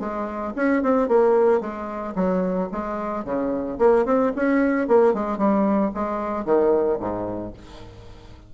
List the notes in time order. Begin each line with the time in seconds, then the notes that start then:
0.00 G#3
0.56 C#4
0.83 C4
1.09 A#3
1.61 G#3
2.16 F#3
2.72 G#3
3.25 C#3
3.79 A#3
4.06 C4
4.36 C#4
4.88 A#3
5.14 G#3
5.38 G3
5.94 G#3
6.45 D#3
7.00 G#2